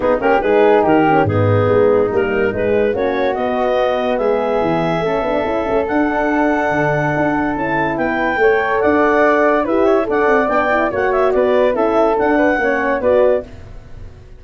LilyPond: <<
  \new Staff \with { instrumentName = "clarinet" } { \time 4/4 \tempo 4 = 143 gis'8 ais'8 b'4 ais'4 gis'4~ | gis'4 ais'4 b'4 cis''4 | dis''2 e''2~ | e''2 fis''2~ |
fis''2 a''4 g''4~ | g''4 fis''2 e''4 | fis''4 g''4 fis''8 e''8 d''4 | e''4 fis''2 d''4 | }
  \new Staff \with { instrumentName = "flute" } { \time 4/4 dis'8 g'8 gis'4 g'4 dis'4~ | dis'2. fis'4~ | fis'2 gis'2 | a'1~ |
a'2. b'4 | cis''4 d''2 b'8 cis''8 | d''2 cis''4 b'4 | a'4. b'8 cis''4 b'4 | }
  \new Staff \with { instrumentName = "horn" } { \time 4/4 b8 cis'8 dis'4. cis'8 b4~ | b4 ais4 gis4 cis'4 | b1 | cis'8 d'8 e'8 cis'8 d'2~ |
d'2 e'2 | a'2. g'4 | a'4 d'8 e'8 fis'2 | e'4 d'4 cis'4 fis'4 | }
  \new Staff \with { instrumentName = "tuba" } { \time 4/4 b8 ais8 gis4 dis4 gis,4 | gis4 g4 gis4 ais4 | b2 gis4 e4 | a8 b8 cis'8 a8 d'2 |
d4 d'4 cis'4 b4 | a4 d'2 e'4 | d'8 c'8 b4 ais4 b4 | cis'4 d'4 ais4 b4 | }
>>